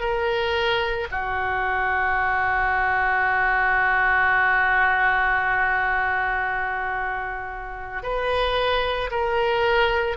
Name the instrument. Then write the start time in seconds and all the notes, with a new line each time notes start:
oboe
0.00 A#4
1.11 F#4
8.03 B4
9.11 A#4